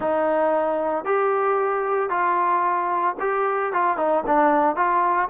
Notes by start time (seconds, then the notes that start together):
0.00 D#4
1.04 G4
2.09 F4
3.20 G4
3.72 F4
3.97 D#4
4.26 D4
4.75 F4